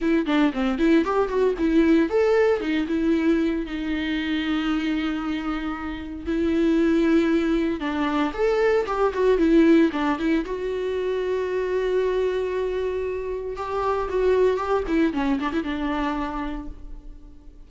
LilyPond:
\new Staff \with { instrumentName = "viola" } { \time 4/4 \tempo 4 = 115 e'8 d'8 c'8 e'8 g'8 fis'8 e'4 | a'4 dis'8 e'4. dis'4~ | dis'1 | e'2. d'4 |
a'4 g'8 fis'8 e'4 d'8 e'8 | fis'1~ | fis'2 g'4 fis'4 | g'8 e'8 cis'8 d'16 e'16 d'2 | }